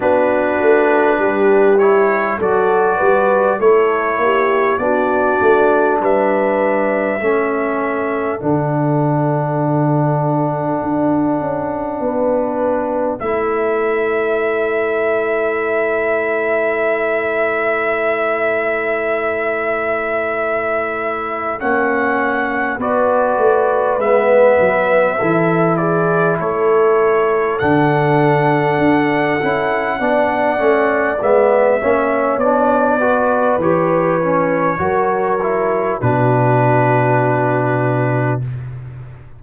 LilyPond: <<
  \new Staff \with { instrumentName = "trumpet" } { \time 4/4 \tempo 4 = 50 b'4. cis''8 d''4 cis''4 | d''4 e''2 fis''4~ | fis''2. e''4~ | e''1~ |
e''2 fis''4 d''4 | e''4. d''8 cis''4 fis''4~ | fis''2 e''4 d''4 | cis''2 b'2 | }
  \new Staff \with { instrumentName = "horn" } { \time 4/4 fis'4 g'4 a'8 b'8 a'8 g'8 | fis'4 b'4 a'2~ | a'2 b'4 cis''4~ | cis''1~ |
cis''2. b'4~ | b'4 a'8 gis'8 a'2~ | a'4 d''4. cis''4 b'8~ | b'4 ais'4 fis'2 | }
  \new Staff \with { instrumentName = "trombone" } { \time 4/4 d'4. e'8 fis'4 e'4 | d'2 cis'4 d'4~ | d'2. e'4~ | e'1~ |
e'2 cis'4 fis'4 | b4 e'2 d'4~ | d'8 e'8 d'8 cis'8 b8 cis'8 d'8 fis'8 | g'8 cis'8 fis'8 e'8 d'2 | }
  \new Staff \with { instrumentName = "tuba" } { \time 4/4 b8 a8 g4 fis8 g8 a8 ais8 | b8 a8 g4 a4 d4~ | d4 d'8 cis'8 b4 a4~ | a1~ |
a2 ais4 b8 a8 | gis8 fis8 e4 a4 d4 | d'8 cis'8 b8 a8 gis8 ais8 b4 | e4 fis4 b,2 | }
>>